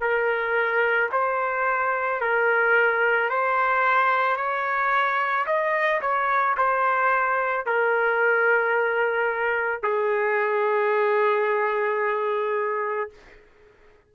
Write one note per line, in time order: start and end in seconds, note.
0.00 1.09 A#4
1.12 2.21 C5
2.21 3.29 A#4
3.29 4.36 C5
4.36 5.45 C#5
5.46 6.00 D#5
6.01 6.56 C#5
6.57 7.66 C5
7.66 9.82 A#4
9.82 13.10 G#4